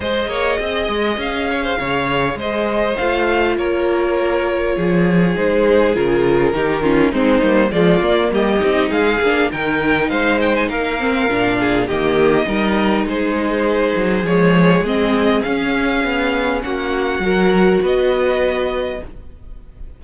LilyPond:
<<
  \new Staff \with { instrumentName = "violin" } { \time 4/4 \tempo 4 = 101 dis''2 f''2 | dis''4 f''4 cis''2~ | cis''4 c''4 ais'2 | c''4 d''4 dis''4 f''4 |
g''4 f''8 g''16 gis''16 f''2 | dis''2 c''2 | cis''4 dis''4 f''2 | fis''2 dis''2 | }
  \new Staff \with { instrumentName = "violin" } { \time 4/4 c''8 cis''8 dis''4. cis''16 c''16 cis''4 | c''2 ais'2 | gis'2. g'8 f'8 | dis'4 f'4 g'4 gis'4 |
ais'4 c''4 ais'4. gis'8 | g'4 ais'4 gis'2~ | gis'1 | fis'4 ais'4 b'2 | }
  \new Staff \with { instrumentName = "viola" } { \time 4/4 gis'1~ | gis'4 f'2.~ | f'4 dis'4 f'4 dis'8 cis'8 | c'8 ais8 gis8 ais4 dis'4 d'8 |
dis'2~ dis'8 c'8 d'4 | ais4 dis'2. | gis4 c'4 cis'2~ | cis'4 fis'2. | }
  \new Staff \with { instrumentName = "cello" } { \time 4/4 gis8 ais8 c'8 gis8 cis'4 cis4 | gis4 a4 ais2 | f4 gis4 cis4 dis4 | gis8 g8 f8 ais8 g8 c'8 gis8 ais8 |
dis4 gis4 ais4 ais,4 | dis4 g4 gis4. fis8 | f4 gis4 cis'4 b4 | ais4 fis4 b2 | }
>>